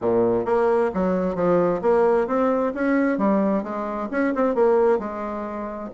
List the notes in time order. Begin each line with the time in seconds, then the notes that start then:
0.01 A#2
0.45 A#3
0.93 F#3
1.35 F3
1.81 A#3
2.27 C4
2.74 C#4
3.18 G3
3.63 G#3
4.11 C#4
4.34 C4
4.55 A#3
4.98 G#3